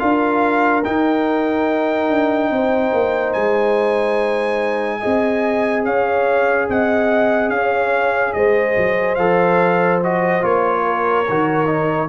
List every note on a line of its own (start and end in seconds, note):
0.00 0.86 D4
0.00 0.83 F4
0.00 2.52 A#4
0.00 0.83 F5
0.85 5.01 D#4
0.85 2.10 D#4
0.85 3.34 G5
2.10 2.51 D4
2.51 2.93 C4
2.51 5.01 C5
2.94 3.35 A#3
3.34 5.03 G#3
3.34 5.84 G#5
5.01 5.85 C4
5.01 9.18 G#4
5.01 5.84 D#5
5.85 6.69 C#4
5.85 6.70 C#5
5.85 6.69 F5
6.69 7.49 C4
6.69 7.54 D#5
6.69 7.50 F#5
7.49 8.33 C#4
7.49 8.36 C#5
7.49 8.33 F5
8.34 8.77 G#3
8.34 10.84 C5
8.34 9.16 D#5
8.77 9.18 F#3
9.16 10.43 F3
9.16 10.02 A4
9.16 9.99 F5
10.04 10.42 F#4
10.04 10.45 D#5
10.42 11.27 A#3
10.42 11.25 F4
10.42 12.09 C#5
10.84 12.09 A#4
11.30 12.09 D#3
11.30 11.67 F#4
11.67 12.09 D#4